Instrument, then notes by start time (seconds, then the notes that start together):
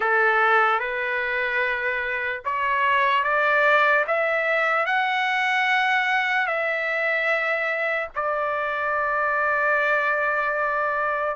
trumpet
0.00 A4
0.79 B4
2.45 C#5
3.23 D5
4.07 E5
4.85 F#5
6.46 E5
8.15 D5